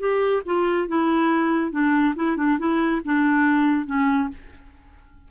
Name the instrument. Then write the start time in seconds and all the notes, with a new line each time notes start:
clarinet
0.00 G4
0.46 F4
0.88 E4
1.72 D4
2.16 E4
2.37 D4
2.59 E4
3.05 D4
3.86 C#4